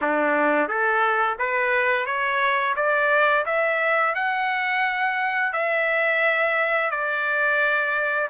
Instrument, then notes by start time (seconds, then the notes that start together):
trumpet
0.01 D4
0.68 A4
1.39 B4
2.05 C#5
2.76 D5
3.45 E5
4.14 F#5
5.52 E5
6.91 D5